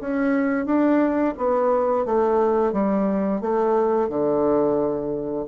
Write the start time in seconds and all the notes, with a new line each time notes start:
0.00 C#4
0.66 D4
1.37 B3
2.05 A3
2.73 G3
3.41 A3
4.09 D3